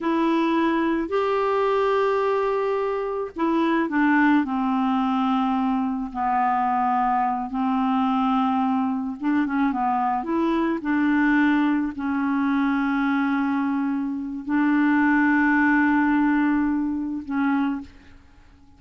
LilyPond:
\new Staff \with { instrumentName = "clarinet" } { \time 4/4 \tempo 4 = 108 e'2 g'2~ | g'2 e'4 d'4 | c'2. b4~ | b4. c'2~ c'8~ |
c'8 d'8 cis'8 b4 e'4 d'8~ | d'4. cis'2~ cis'8~ | cis'2 d'2~ | d'2. cis'4 | }